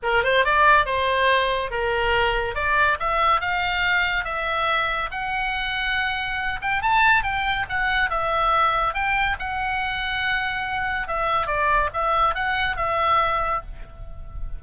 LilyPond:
\new Staff \with { instrumentName = "oboe" } { \time 4/4 \tempo 4 = 141 ais'8 c''8 d''4 c''2 | ais'2 d''4 e''4 | f''2 e''2 | fis''2.~ fis''8 g''8 |
a''4 g''4 fis''4 e''4~ | e''4 g''4 fis''2~ | fis''2 e''4 d''4 | e''4 fis''4 e''2 | }